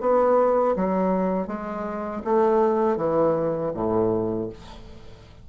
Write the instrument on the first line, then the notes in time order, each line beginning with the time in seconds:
bassoon
0.00 B3
0.76 F#3
1.47 G#3
2.24 A3
2.96 E3
3.74 A2